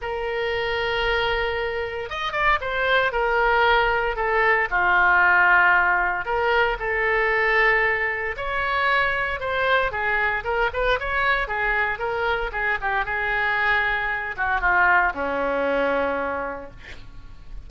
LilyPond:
\new Staff \with { instrumentName = "oboe" } { \time 4/4 \tempo 4 = 115 ais'1 | dis''8 d''8 c''4 ais'2 | a'4 f'2. | ais'4 a'2. |
cis''2 c''4 gis'4 | ais'8 b'8 cis''4 gis'4 ais'4 | gis'8 g'8 gis'2~ gis'8 fis'8 | f'4 cis'2. | }